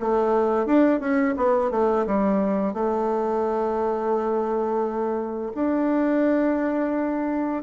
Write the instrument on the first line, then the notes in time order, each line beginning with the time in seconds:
bassoon
0.00 A3
0.66 D4
1.00 C#4
1.37 B3
1.71 A3
2.06 G3
2.73 A3
5.55 D4